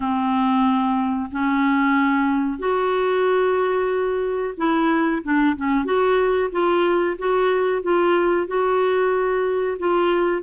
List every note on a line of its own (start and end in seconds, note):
0.00 1.30 C4
1.31 2.58 C#4
2.58 4.54 F#4
4.57 5.22 E4
5.23 5.56 D4
5.56 5.84 C#4
5.84 6.50 F#4
6.51 7.17 F4
7.18 7.82 F#4
7.82 8.47 F4
8.47 9.77 F#4
9.78 10.42 F4